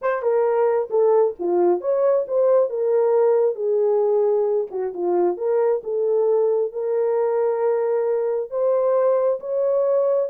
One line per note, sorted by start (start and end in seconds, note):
0.01 0.22 C5
0.22 0.89 A#4
0.90 1.35 A4
1.39 1.80 F4
1.80 2.25 C#5
2.27 2.69 C5
2.69 3.55 A#4
3.55 4.67 G#4
4.70 4.93 F#4
4.93 5.37 F4
5.37 5.82 A#4
5.83 6.72 A4
6.72 8.50 A#4
8.50 9.39 C5
9.40 10.29 C#5